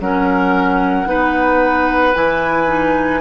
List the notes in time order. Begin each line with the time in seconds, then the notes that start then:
0.00 F#3 C#4 A#4 F#5
1.06 B3 D#4 B4
2.14 E3 E4 G#5
2.67 D#4